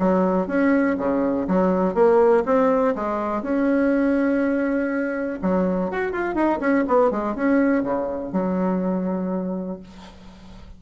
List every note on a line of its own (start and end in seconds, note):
0.00 0.48 F#3
0.48 0.97 C#4
0.99 1.48 C#3
1.48 1.95 F#3
1.95 2.44 A#3
2.46 2.96 C4
2.96 3.43 G#3
3.43 5.40 C#4
5.42 5.91 F#3
5.91 6.13 F#4
6.13 6.35 F4
6.35 6.60 D#4
6.60 6.85 C#4
6.88 7.11 B3
7.11 7.35 G#3
7.35 7.84 C#4
7.84 8.33 C#3
8.33 9.81 F#3